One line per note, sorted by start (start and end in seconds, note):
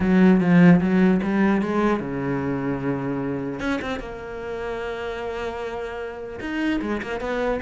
0.00 0.40 F#3
0.40 0.80 F3
0.81 1.21 F#3
1.22 1.61 G3
1.61 2.00 G#3
2.00 3.60 C#3
3.60 3.80 C#4
3.81 3.99 C4
3.99 6.39 A#3
6.40 6.80 D#4
6.81 7.01 G#3
7.02 7.20 A#3
7.20 7.60 B3